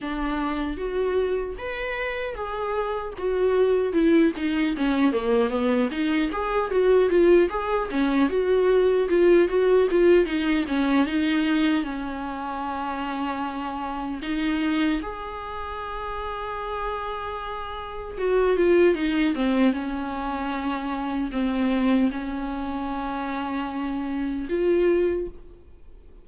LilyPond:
\new Staff \with { instrumentName = "viola" } { \time 4/4 \tempo 4 = 76 d'4 fis'4 b'4 gis'4 | fis'4 e'8 dis'8 cis'8 ais8 b8 dis'8 | gis'8 fis'8 f'8 gis'8 cis'8 fis'4 f'8 | fis'8 f'8 dis'8 cis'8 dis'4 cis'4~ |
cis'2 dis'4 gis'4~ | gis'2. fis'8 f'8 | dis'8 c'8 cis'2 c'4 | cis'2. f'4 | }